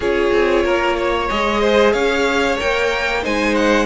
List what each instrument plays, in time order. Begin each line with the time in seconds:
0.00 cello C#4, viola F4, violin G#4 C#5
0.33 cello C4
0.64 cello A#3, violin A#4
0.97 violin C#5
1.29 cello G#3, viola G#4, violin D#5
1.60 violin C5
1.92 cello C#4, violin C#5 F5
2.57 cello A#3, viola A#4, violin G5
3.22 cello G#3, viola D#4, violin C5 G#5
3.55 violin F#5